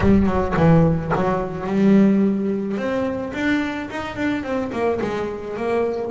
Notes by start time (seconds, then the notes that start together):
0.00 G3
0.26 F#3
0.57 E3
1.15 F#3
1.66 G3
2.77 C4
3.33 D4
3.90 D#4
4.16 D4
4.43 C4
4.72 A#3
5.01 G#3
5.56 A#3